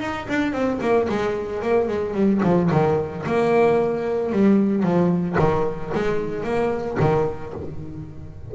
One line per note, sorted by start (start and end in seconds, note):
0.00 0.27 D#4
0.28 0.52 D4
0.52 0.79 C4
0.81 1.07 A#3
1.09 1.62 G#3
1.62 1.87 A#3
1.87 2.14 G#3
2.14 2.41 G3
2.43 2.70 F3
2.71 3.24 D#3
3.26 4.32 A#3
4.32 4.83 G3
4.83 5.36 F3
5.39 5.92 D#3
5.94 6.44 G#3
6.44 6.97 A#3
6.99 7.53 D#3